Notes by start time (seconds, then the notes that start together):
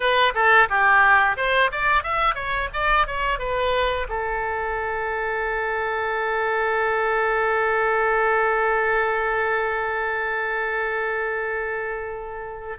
0.00 B4
0.34 A4
0.69 G4
1.36 C5
1.71 D5
2.03 E5
2.34 C#5
2.73 D5
3.06 C#5
3.38 B4
4.08 A4